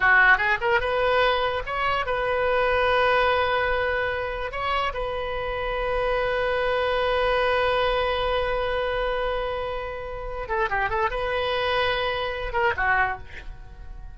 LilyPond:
\new Staff \with { instrumentName = "oboe" } { \time 4/4 \tempo 4 = 146 fis'4 gis'8 ais'8 b'2 | cis''4 b'2.~ | b'2. cis''4 | b'1~ |
b'1~ | b'1~ | b'4. a'8 g'8 a'8 b'4~ | b'2~ b'8 ais'8 fis'4 | }